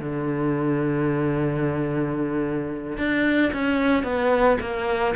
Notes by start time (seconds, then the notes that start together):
0.00 D3
2.98 D4
3.53 C#4
4.04 B3
4.60 A#3